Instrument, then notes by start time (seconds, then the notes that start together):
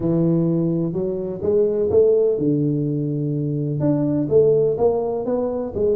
tuba
0.00 E3
0.92 F#3
1.42 G#3
1.90 A3
2.37 D3
3.80 D4
4.29 A3
4.77 A#3
5.25 B3
5.74 G#3